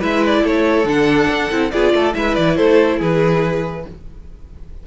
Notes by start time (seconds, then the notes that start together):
0.00 G#3 E4 B4 E5
0.26 D5
0.44 A3 A4 C#5
0.85 D3 D4 F#5
1.30 D4
1.52 C4 E4
1.72 B3 F4 G#4 D5
1.93 A3 A4
2.13 G#3 E4 B4 E5
2.36 E3 D5
2.57 A3 A4 C5
2.99 E3 G#4 B4